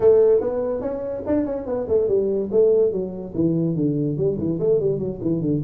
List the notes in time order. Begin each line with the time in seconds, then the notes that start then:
0.00 A3
0.41 B3
0.81 C#4
1.26 D4
1.45 C#4
1.66 B3
1.88 A3
2.08 G3
2.51 A3
2.91 F#3
3.34 E3
3.75 D3
4.17 G3
4.38 E3
4.59 A3
4.80 G3
4.98 F#3
5.21 E3
5.41 D3